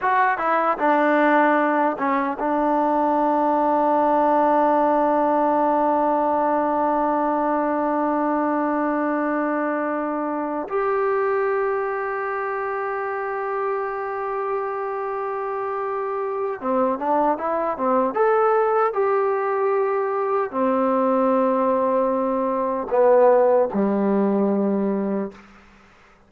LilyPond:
\new Staff \with { instrumentName = "trombone" } { \time 4/4 \tempo 4 = 76 fis'8 e'8 d'4. cis'8 d'4~ | d'1~ | d'1~ | d'4. g'2~ g'8~ |
g'1~ | g'4 c'8 d'8 e'8 c'8 a'4 | g'2 c'2~ | c'4 b4 g2 | }